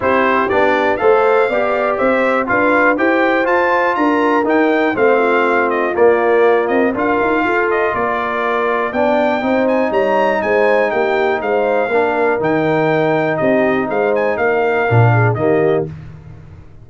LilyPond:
<<
  \new Staff \with { instrumentName = "trumpet" } { \time 4/4 \tempo 4 = 121 c''4 d''4 f''2 | e''4 f''4 g''4 a''4 | ais''4 g''4 f''4. dis''8 | d''4. dis''8 f''4. dis''8 |
d''2 g''4. gis''8 | ais''4 gis''4 g''4 f''4~ | f''4 g''2 dis''4 | f''8 gis''8 f''2 dis''4 | }
  \new Staff \with { instrumentName = "horn" } { \time 4/4 g'2 c''4 d''4 | c''4 b'4 c''2 | ais'2 c''8 f'4.~ | f'2 ais'4 a'4 |
ais'2 d''4 c''4 | cis''4 c''4 g'4 c''4 | ais'2. g'4 | c''4 ais'4. gis'8 g'4 | }
  \new Staff \with { instrumentName = "trombone" } { \time 4/4 e'4 d'4 a'4 g'4~ | g'4 f'4 g'4 f'4~ | f'4 dis'4 c'2 | ais2 f'2~ |
f'2 d'4 dis'4~ | dis'1 | d'4 dis'2.~ | dis'2 d'4 ais4 | }
  \new Staff \with { instrumentName = "tuba" } { \time 4/4 c'4 b4 a4 b4 | c'4 d'4 e'4 f'4 | d'4 dis'4 a2 | ais4. c'8 d'8 dis'8 f'4 |
ais2 b4 c'4 | g4 gis4 ais4 gis4 | ais4 dis2 c'4 | gis4 ais4 ais,4 dis4 | }
>>